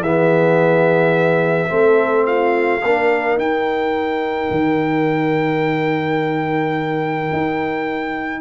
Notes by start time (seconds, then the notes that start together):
0.00 E3 B3 G#4 E5
1.68 A3 C4 A4
2.26 F4 F5
2.83 A#3 D4 A#4
3.36 D#4 G5
4.50 D#3
7.32 D#4